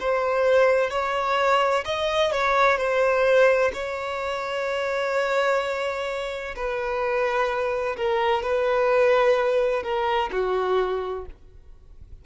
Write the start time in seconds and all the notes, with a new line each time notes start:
0.00 C5
0.90 C#5
1.85 D#5
2.32 C#5
2.77 C5
3.73 C#5
6.55 B4
7.96 A#4
8.42 B4
9.83 A#4
10.32 F#4